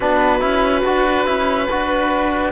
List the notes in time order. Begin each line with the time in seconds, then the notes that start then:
0.00 B3 D4 F#4 B4
0.39 C#4 E4
0.84 D4 F#4
1.25 C#4 E4
1.69 D4 F#4 B4